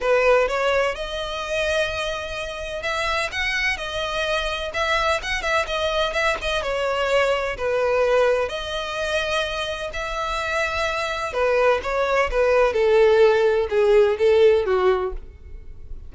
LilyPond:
\new Staff \with { instrumentName = "violin" } { \time 4/4 \tempo 4 = 127 b'4 cis''4 dis''2~ | dis''2 e''4 fis''4 | dis''2 e''4 fis''8 e''8 | dis''4 e''8 dis''8 cis''2 |
b'2 dis''2~ | dis''4 e''2. | b'4 cis''4 b'4 a'4~ | a'4 gis'4 a'4 fis'4 | }